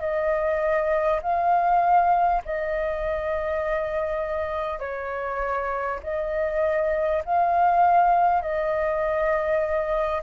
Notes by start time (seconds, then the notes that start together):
0.00 D#5
1.22 F5
2.45 D#5
4.79 C#5
6.03 D#5
7.24 F5
8.41 D#5